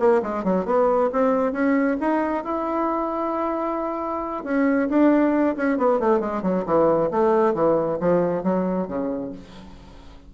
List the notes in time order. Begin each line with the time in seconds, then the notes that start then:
0.00 A#3
0.23 G#3
0.44 F#3
0.66 B3
1.13 C4
1.53 C#4
2.01 D#4
2.44 E4
4.45 C#4
4.90 D4
5.57 C#4
5.78 B3
6.00 A3
6.21 G#3
6.43 F#3
6.66 E3
7.11 A3
7.55 E3
8.01 F3
8.44 F#3
8.88 C#3